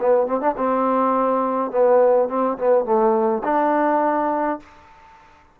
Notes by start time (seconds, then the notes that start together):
0.00 B3
0.26 C4
0.41 D4
0.57 C4
1.71 B3
2.28 C4
2.58 B3
2.85 A3
3.44 D4